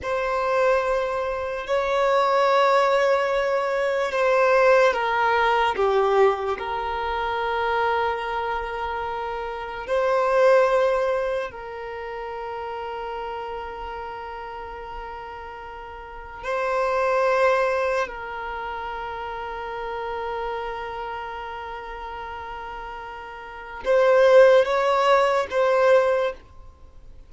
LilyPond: \new Staff \with { instrumentName = "violin" } { \time 4/4 \tempo 4 = 73 c''2 cis''2~ | cis''4 c''4 ais'4 g'4 | ais'1 | c''2 ais'2~ |
ais'1 | c''2 ais'2~ | ais'1~ | ais'4 c''4 cis''4 c''4 | }